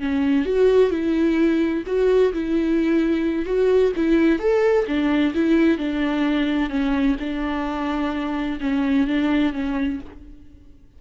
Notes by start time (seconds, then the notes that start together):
0.00 C#4
0.46 F#4
0.91 E4
1.87 F#4
2.34 E4
3.46 F#4
3.96 E4
4.40 A4
4.88 D4
5.35 E4
5.78 D4
6.70 C#4
7.20 D4
8.61 C#4
9.07 D4
9.53 C#4